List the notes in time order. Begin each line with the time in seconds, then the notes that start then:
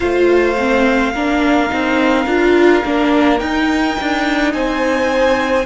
0.00 A3 F4 C5 F5
0.57 C4
1.13 A#3 D4 A#4
1.68 C4 D#4
2.25 D4 F4
2.84 A#3 D4
3.38 D#4 G5
4.00 D4
4.53 C4 C5 G#5